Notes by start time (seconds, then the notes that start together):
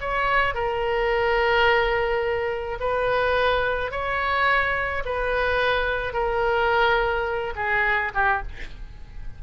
0.00 C#5
0.54 A#4
2.79 B4
3.91 C#5
5.05 B4
6.13 A#4
7.55 G#4
8.14 G4